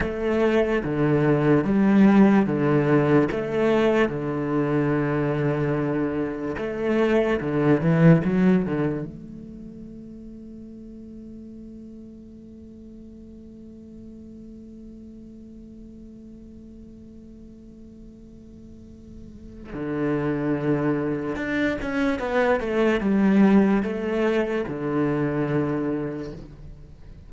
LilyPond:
\new Staff \with { instrumentName = "cello" } { \time 4/4 \tempo 4 = 73 a4 d4 g4 d4 | a4 d2. | a4 d8 e8 fis8 d8 a4~ | a1~ |
a1~ | a1 | d2 d'8 cis'8 b8 a8 | g4 a4 d2 | }